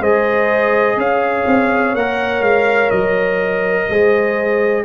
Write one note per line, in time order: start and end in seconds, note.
0.00 0.97 G#3
0.00 1.96 G#4
0.00 0.97 C5
0.00 0.99 D#5
0.97 1.45 C#4
0.97 3.89 C#5
0.97 1.95 F5
1.46 1.94 C4
1.94 2.41 A#3
1.94 3.91 A#4
1.94 2.42 F#5
2.41 2.89 G#3
2.41 2.90 F5
2.90 3.88 F#3
2.90 4.84 D#5
3.89 4.84 G#3
3.89 4.84 G#4
3.89 4.84 C5